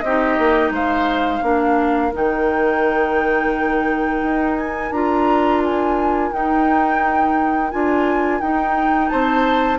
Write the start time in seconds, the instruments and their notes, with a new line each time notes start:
0.00 bassoon C4, oboe G4, flute D#5
0.06 clarinet D#4
0.38 bassoon A#3
0.70 bassoon G#3, oboe C5, flute F5
1.42 bassoon A#3, clarinet D4, oboe A#4
2.13 bassoon D#3, clarinet D#4, flute G5
4.22 bassoon D#4
4.57 flute G#5
4.91 bassoon D4, clarinet F4, flute A#5
5.64 flute G#5
6.32 clarinet D#4, bassoon D#4, flute G5
7.71 bassoon D4, clarinet F4, flute G#5
8.40 bassoon D#4, clarinet D#4, flute G5
9.08 bassoon C4, oboe C5, flute A5